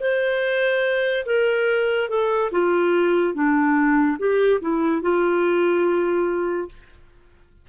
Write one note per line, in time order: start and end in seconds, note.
0.00 1.25 C5
1.26 2.09 A#4
2.09 2.51 A4
2.52 3.35 F4
3.35 4.18 D4
4.19 4.61 G4
4.62 5.02 E4
5.02 6.69 F4